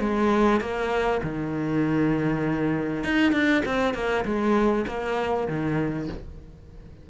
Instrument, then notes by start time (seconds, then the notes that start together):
cello
0.00 G#3
0.61 A#3
1.23 D#3
3.04 D#4
3.32 D4
3.66 C4
3.94 A#3
4.25 G#3
4.87 A#3
5.48 D#3